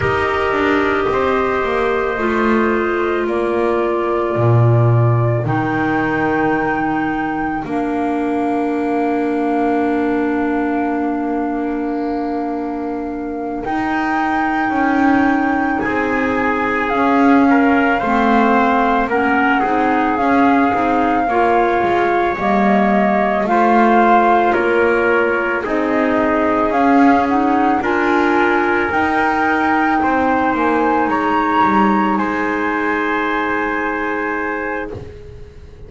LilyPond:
<<
  \new Staff \with { instrumentName = "flute" } { \time 4/4 \tempo 4 = 55 dis''2. d''4~ | d''4 g''2 f''4~ | f''1~ | f''8 g''2 gis''4 f''8~ |
f''4. fis''4 f''4.~ | f''8 dis''4 f''4 cis''4 dis''8~ | dis''8 f''8 fis''8 gis''4 g''4. | gis''8 ais''4 gis''2~ gis''8 | }
  \new Staff \with { instrumentName = "trumpet" } { \time 4/4 ais'4 c''2 ais'4~ | ais'1~ | ais'1~ | ais'2~ ais'8 gis'4. |
ais'8 c''4 ais'8 gis'4. cis''8~ | cis''4. c''4 ais'4 gis'8~ | gis'4. ais'2 c''8~ | c''8 cis''4 c''2~ c''8 | }
  \new Staff \with { instrumentName = "clarinet" } { \time 4/4 g'2 f'2~ | f'4 dis'2 d'4~ | d'1~ | d'8 dis'2. cis'8~ |
cis'8 c'4 cis'8 dis'8 cis'8 dis'8 f'8~ | f'8 ais4 f'2 dis'8~ | dis'8 cis'8 dis'8 f'4 dis'4.~ | dis'1 | }
  \new Staff \with { instrumentName = "double bass" } { \time 4/4 dis'8 d'8 c'8 ais8 a4 ais4 | ais,4 dis2 ais4~ | ais1~ | ais8 dis'4 cis'4 c'4 cis'8~ |
cis'8 a4 ais8 c'8 cis'8 c'8 ais8 | gis8 g4 a4 ais4 c'8~ | c'8 cis'4 d'4 dis'4 c'8 | ais8 gis8 g8 gis2~ gis8 | }
>>